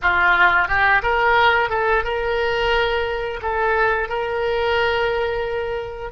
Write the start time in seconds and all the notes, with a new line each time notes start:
0.02 F4
0.68 G4
1.02 A#4
1.69 A4
2.04 A#4
3.42 A4
4.08 A#4